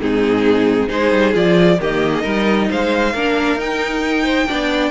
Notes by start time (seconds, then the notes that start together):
0.00 G#2 C4 D#4 G#4
0.88 G#3 D#4 G#4 C5
1.11 G3
1.34 F3 F4 D5
1.79 D#3 A#3 G4 D#5
2.13 G#4
2.22 G3 D#4 A#4
2.70 G#3 C5 F5
3.13 A#3 D4 A#4
3.55 D#4 G5
4.24 C5
4.47 B3 D4 D5